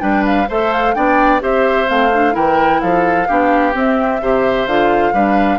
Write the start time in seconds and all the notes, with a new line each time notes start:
0.00 G3 D4 B4 G5
0.26 F5
0.49 A3 A4 C5 E5
0.73 F5
0.95 B3 D4 D5 G5
1.41 C4 G4 C5 E5
1.87 A3 C4 F5
2.14 D4
2.33 E3 E4 A#4 G5
2.81 F3 A4 F5
3.29 B3 D4 G4
3.73 C4 E5
4.22 C3 G4 C5
4.67 D3 F4 F5
5.14 G3 D4 B4